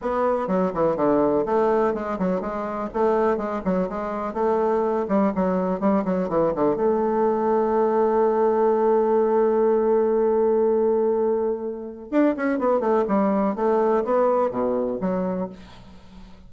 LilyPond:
\new Staff \with { instrumentName = "bassoon" } { \time 4/4 \tempo 4 = 124 b4 fis8 e8 d4 a4 | gis8 fis8 gis4 a4 gis8 fis8 | gis4 a4. g8 fis4 | g8 fis8 e8 d8 a2~ |
a1~ | a1~ | a4 d'8 cis'8 b8 a8 g4 | a4 b4 b,4 fis4 | }